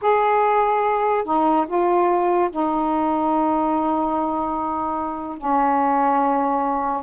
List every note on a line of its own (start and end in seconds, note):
0.01 1.24 G#4
1.24 1.66 D#4
1.67 2.50 F4
2.50 5.37 D#4
5.37 7.02 C#4